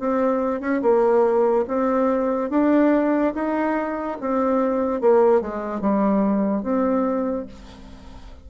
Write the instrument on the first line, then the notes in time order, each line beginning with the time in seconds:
bassoon
0.00 C4
0.61 C#4
0.82 A#3
1.68 C4
2.50 D4
3.35 D#4
4.20 C4
5.01 A#3
5.41 G#3
5.81 G3
6.63 C4